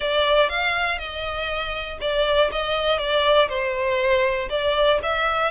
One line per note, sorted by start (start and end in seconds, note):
0.00 0.49 D5
0.49 0.98 F5
0.98 1.98 D#5
2.00 2.50 D5
2.52 2.98 D#5
2.98 3.48 D5
3.49 4.49 C5
4.49 4.99 D5
5.02 5.51 E5